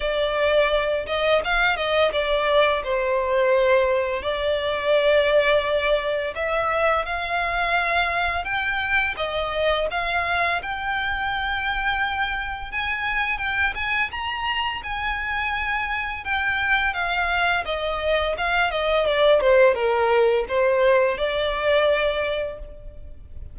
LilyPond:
\new Staff \with { instrumentName = "violin" } { \time 4/4 \tempo 4 = 85 d''4. dis''8 f''8 dis''8 d''4 | c''2 d''2~ | d''4 e''4 f''2 | g''4 dis''4 f''4 g''4~ |
g''2 gis''4 g''8 gis''8 | ais''4 gis''2 g''4 | f''4 dis''4 f''8 dis''8 d''8 c''8 | ais'4 c''4 d''2 | }